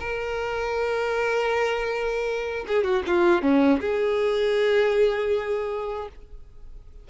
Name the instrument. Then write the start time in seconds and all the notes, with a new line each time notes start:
violin
0.00 A#4
2.68 G#4
2.84 F#4
3.07 F4
3.43 C#4
3.81 G#4